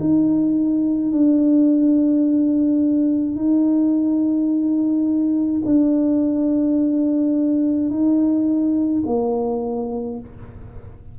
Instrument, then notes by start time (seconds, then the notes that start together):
tuba
0.00 D#4
1.12 D4
3.36 D#4
5.66 D4
7.90 D#4
9.06 A#3